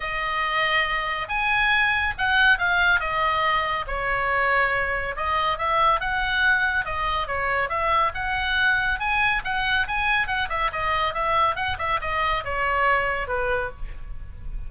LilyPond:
\new Staff \with { instrumentName = "oboe" } { \time 4/4 \tempo 4 = 140 dis''2. gis''4~ | gis''4 fis''4 f''4 dis''4~ | dis''4 cis''2. | dis''4 e''4 fis''2 |
dis''4 cis''4 e''4 fis''4~ | fis''4 gis''4 fis''4 gis''4 | fis''8 e''8 dis''4 e''4 fis''8 e''8 | dis''4 cis''2 b'4 | }